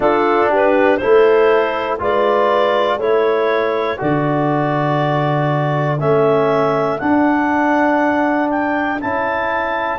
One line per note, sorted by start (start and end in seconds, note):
0.00 1.00 D4
0.00 0.49 F4
0.00 0.50 A4
0.49 0.99 G4
0.49 0.97 B4
0.97 1.99 A3
0.97 1.99 E4
0.97 2.00 A4
0.97 1.97 C5
1.99 2.98 G#3
1.99 2.99 F4
1.99 2.99 B4
1.99 2.99 D5
2.98 3.98 A3
2.98 3.97 E4
2.98 9.98 A4
2.98 3.99 C#5
3.97 6.00 D3
3.97 5.97 F#4
3.97 5.99 D5
5.99 7.00 A3
5.99 7.00 C#4
5.99 6.98 E5
6.98 9.00 D4
6.98 9.01 D4
6.98 8.48 F#5
8.49 8.99 G5
9.00 9.98 C#4
9.00 9.98 E4
9.00 9.98 A5